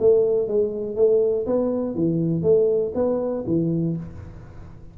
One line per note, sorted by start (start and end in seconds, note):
0.00 0.48 A3
0.48 0.96 G#3
0.96 1.46 A3
1.46 1.95 B3
1.95 2.43 E3
2.43 2.93 A3
2.95 3.45 B3
3.47 3.97 E3